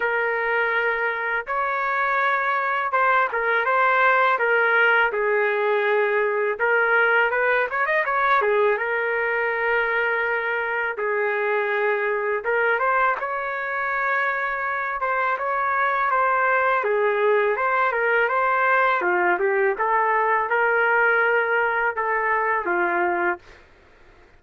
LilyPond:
\new Staff \with { instrumentName = "trumpet" } { \time 4/4 \tempo 4 = 82 ais'2 cis''2 | c''8 ais'8 c''4 ais'4 gis'4~ | gis'4 ais'4 b'8 cis''16 dis''16 cis''8 gis'8 | ais'2. gis'4~ |
gis'4 ais'8 c''8 cis''2~ | cis''8 c''8 cis''4 c''4 gis'4 | c''8 ais'8 c''4 f'8 g'8 a'4 | ais'2 a'4 f'4 | }